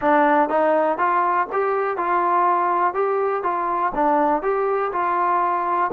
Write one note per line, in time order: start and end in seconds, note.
0.01 0.49 D4
0.49 0.98 D#4
0.98 1.47 F4
1.52 1.97 G4
1.97 2.94 F4
2.94 3.43 G4
3.43 3.92 F4
3.94 4.42 D4
4.42 4.91 G4
4.92 5.90 F4